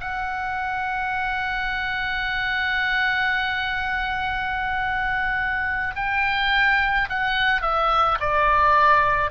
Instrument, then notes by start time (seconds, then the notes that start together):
oboe
0.00 F#5
5.95 G5
7.09 F#5
7.62 E5
8.20 D5